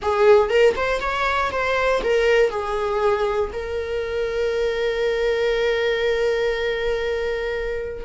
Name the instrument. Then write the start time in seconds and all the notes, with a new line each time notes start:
viola
0.02 G#4
0.49 A#4
0.75 C5
1.00 C#5
1.51 C5
2.03 A#4
2.50 G#4
3.52 A#4